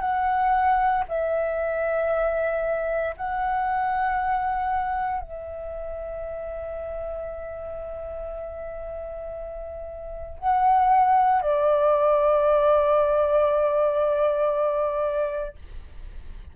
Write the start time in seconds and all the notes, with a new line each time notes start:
0.00 F#5
1.08 E5
3.16 F#5
5.21 E5
10.39 F#5
11.41 D5